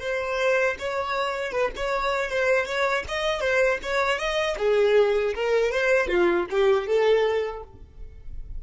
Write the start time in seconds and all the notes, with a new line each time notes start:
0.00 C5
0.79 C#5
1.52 B4
1.76 C#5
2.30 C5
2.66 C#5
3.08 D#5
3.40 C5
3.83 C#5
4.18 D#5
4.58 G#4
5.34 A#4
5.71 C5
6.08 F4
6.50 G4
6.87 A4